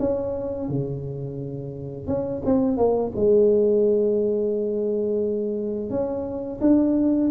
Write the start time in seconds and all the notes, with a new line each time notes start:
0.00 C#4
0.69 C#3
2.08 C#4
2.46 C4
2.78 A#3
3.16 G#3
5.90 C#4
6.62 D4